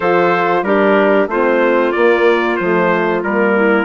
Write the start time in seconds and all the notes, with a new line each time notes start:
0.00 F3 F4 A4 C5
0.62 G3 D4 G4 A#4
1.26 A3 C4 F4 C5
1.92 A#3 D5
2.56 F3 A3 C5
3.23 G3 A#3 A#4
3.55 E4